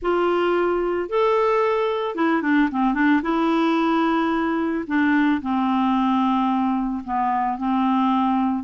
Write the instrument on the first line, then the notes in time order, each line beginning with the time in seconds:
clarinet
0.01 F4
1.09 A4
2.15 E4
2.42 D4
2.71 C4
2.94 D4
3.22 E4
4.87 D4
5.41 C4
7.04 B3
7.57 C4